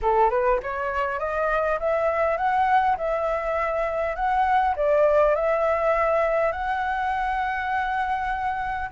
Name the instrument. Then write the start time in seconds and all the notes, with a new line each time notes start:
flute
0.02 A4
0.29 B4
0.62 C#5
1.19 D#5
1.79 E5
2.37 F#5
2.97 E5
4.15 F#5
4.76 D5
5.35 E5
6.52 F#5